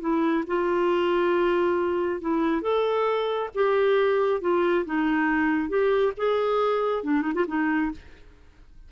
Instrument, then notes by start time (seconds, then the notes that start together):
clarinet
0.00 E4
0.47 F4
2.21 E4
2.62 A4
3.54 G4
4.41 F4
4.85 D#4
5.69 G4
6.17 G#4
7.03 D4
7.21 D#4
7.34 F4
7.47 D#4